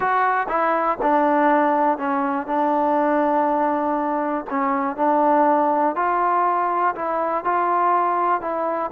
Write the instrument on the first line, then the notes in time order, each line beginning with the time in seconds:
trombone
0.00 F#4
0.48 E4
1.02 D4
1.97 C#4
2.46 D4
4.49 C#4
4.96 D4
5.95 F4
6.95 E4
7.44 F4
8.41 E4